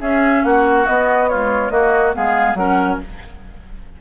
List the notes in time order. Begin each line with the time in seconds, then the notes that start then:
0.00 C#4 G#4 E5
0.44 A#3 F#4 F#5
0.86 B3 D#5
1.29 G#3 F4 C#5
1.70 A#3 F#4 D#5
2.13 G#3 B3 G#4 F5
2.54 F#3 C#4 A#4 F#5